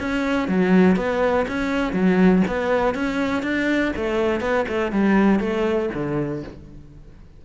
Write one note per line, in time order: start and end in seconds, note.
0.00 0.48 C#4
0.48 0.97 F#3
0.97 1.46 B3
1.48 1.94 C#4
1.94 2.43 F#3
2.48 2.95 B3
2.95 3.43 C#4
3.43 3.93 D4
3.97 4.41 A3
4.41 4.66 B3
4.69 4.92 A3
4.92 5.40 G3
5.40 5.90 A3
5.94 6.44 D3